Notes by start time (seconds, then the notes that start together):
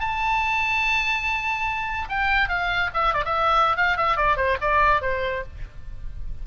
0.00 A5
2.09 G5
2.49 F5
2.94 E5
3.14 D5
3.25 E5
3.77 F5
3.97 E5
4.17 D5
4.37 C5
4.61 D5
5.02 C5